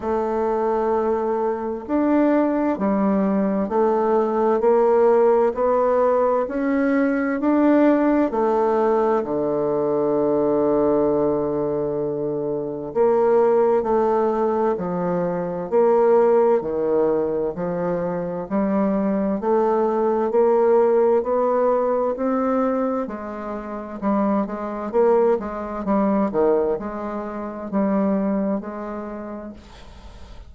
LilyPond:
\new Staff \with { instrumentName = "bassoon" } { \time 4/4 \tempo 4 = 65 a2 d'4 g4 | a4 ais4 b4 cis'4 | d'4 a4 d2~ | d2 ais4 a4 |
f4 ais4 dis4 f4 | g4 a4 ais4 b4 | c'4 gis4 g8 gis8 ais8 gis8 | g8 dis8 gis4 g4 gis4 | }